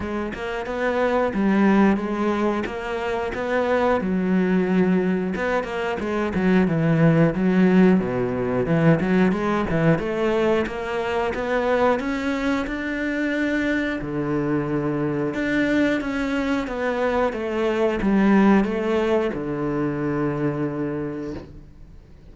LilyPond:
\new Staff \with { instrumentName = "cello" } { \time 4/4 \tempo 4 = 90 gis8 ais8 b4 g4 gis4 | ais4 b4 fis2 | b8 ais8 gis8 fis8 e4 fis4 | b,4 e8 fis8 gis8 e8 a4 |
ais4 b4 cis'4 d'4~ | d'4 d2 d'4 | cis'4 b4 a4 g4 | a4 d2. | }